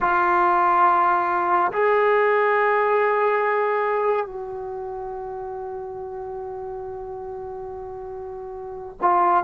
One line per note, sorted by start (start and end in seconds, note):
0.00 1.72 F4
1.72 4.25 G#4
4.25 8.97 F#4
9.01 9.43 F4